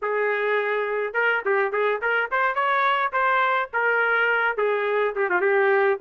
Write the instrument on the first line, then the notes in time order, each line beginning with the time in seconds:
trumpet
0.02 G#4
1.13 A#4
1.45 G4
1.72 G#4
2.01 A#4
2.31 C5
2.54 C#5
3.12 C5
3.73 A#4
4.57 G#4
5.15 G4
5.29 F4
5.41 G4